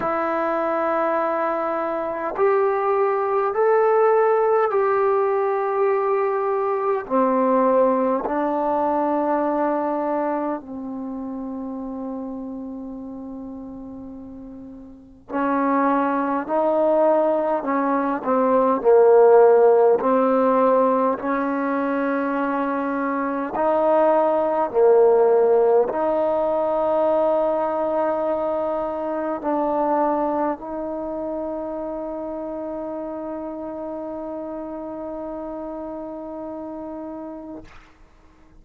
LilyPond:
\new Staff \with { instrumentName = "trombone" } { \time 4/4 \tempo 4 = 51 e'2 g'4 a'4 | g'2 c'4 d'4~ | d'4 c'2.~ | c'4 cis'4 dis'4 cis'8 c'8 |
ais4 c'4 cis'2 | dis'4 ais4 dis'2~ | dis'4 d'4 dis'2~ | dis'1 | }